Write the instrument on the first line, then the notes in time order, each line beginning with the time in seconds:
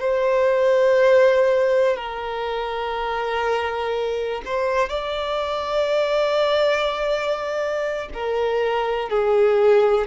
violin
0.00 C5
1.96 A#4
4.45 C5
4.89 D5
8.14 A#4
9.09 G#4